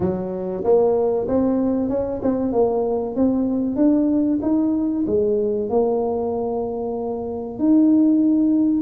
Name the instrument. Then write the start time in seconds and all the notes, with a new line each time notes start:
tuba
0.00 F#3
0.64 A#3
1.27 C4
1.89 C#4
2.22 C4
2.52 A#3
3.15 C4
3.76 D4
4.42 D#4
5.06 G#3
5.69 A#3
7.58 D#4